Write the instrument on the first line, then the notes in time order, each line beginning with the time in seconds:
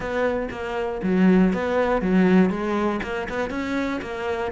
cello
0.00 B3
0.50 A#3
1.02 F#3
1.53 B3
2.01 F#3
2.50 G#3
3.02 A#3
3.29 B3
3.50 C#4
4.01 A#3